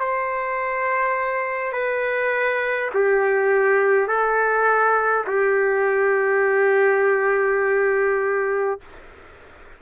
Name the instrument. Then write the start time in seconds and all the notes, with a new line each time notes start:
trumpet
0.00 C5
1.73 B4
2.94 G4
4.08 A4
5.27 G4